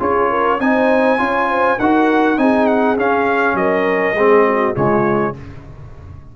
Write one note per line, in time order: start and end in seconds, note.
0.00 0.60 C#4
0.00 0.59 F4
0.00 0.30 G#4
0.00 0.61 C#5
0.30 0.60 A#4
0.60 1.19 C4
0.60 1.18 D#4
0.60 1.20 C5
0.60 1.80 G#5
1.18 1.79 C#4
1.18 1.78 F4
1.18 1.50 C#5
1.50 1.79 C5
1.79 2.38 D#4
1.79 2.38 F#4
1.79 2.38 A#4
1.79 2.39 F#5
2.38 2.98 C4
2.38 2.97 D#4
2.38 3.58 G#4
2.38 2.67 G#5
2.67 2.97 F#5
2.98 3.54 C#4
2.98 4.16 C#4
2.98 3.57 F5
3.54 4.14 F#3
3.54 4.16 A#4
3.54 4.76 D#5
4.14 4.73 G#3
4.14 4.75 C4
4.14 4.46 G#4
4.48 4.75 F#4
4.75 5.36 C#3
4.75 5.35 G#3
4.75 5.35 F4
4.75 5.35 C#5